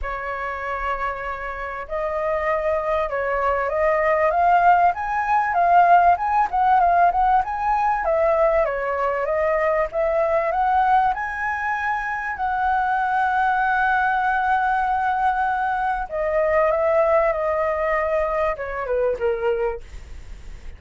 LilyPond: \new Staff \with { instrumentName = "flute" } { \time 4/4 \tempo 4 = 97 cis''2. dis''4~ | dis''4 cis''4 dis''4 f''4 | gis''4 f''4 gis''8 fis''8 f''8 fis''8 | gis''4 e''4 cis''4 dis''4 |
e''4 fis''4 gis''2 | fis''1~ | fis''2 dis''4 e''4 | dis''2 cis''8 b'8 ais'4 | }